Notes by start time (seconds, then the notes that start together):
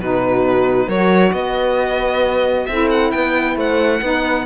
0.00 B2 D#4 F#4 B4
0.87 F#3 F#4 A#4 C#5
1.33 B3 B4 D#5
2.67 C4 E4 A4 E5
2.91 F#5
3.12 B3 B4 G5
3.57 A3 C5 F#5
4.02 B3 D#4 B4